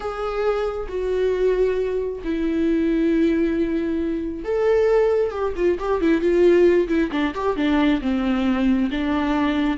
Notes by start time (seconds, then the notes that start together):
0.00 G#4
0.88 F#4
2.23 E4
4.44 A4
5.31 G4
5.56 F4
5.79 G4
6.01 E4
6.21 F4
6.88 E4
7.11 D4
7.34 G4
7.56 D4
8.01 C4
8.91 D4